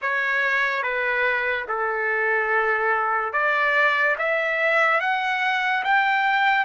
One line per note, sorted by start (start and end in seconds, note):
0.01 0.83 C#5
0.83 1.66 B4
1.68 3.32 A4
3.32 4.16 D5
4.18 5.00 E5
5.00 5.83 F#5
5.84 6.65 G5